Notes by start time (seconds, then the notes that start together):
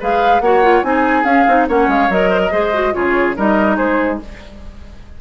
0.00 G#3 G#4 B4 F5
0.40 A#3 F#4 C#5 F#5
0.63 F4
0.83 C4 D#4 G#4 G#5
1.24 C#4 F5
1.48 C4 D#4
1.68 A#3 C#4 C#5 F#5
1.88 G#3 F5
2.10 F#3 A#4 D#5
2.30 C5
2.43 A#4
2.52 G#3 G#4 C5
2.74 F#4
2.92 C#3 F4 G#4 C#5
3.36 G3 D#4 A#4 D#5
3.77 G#3 G#4 C5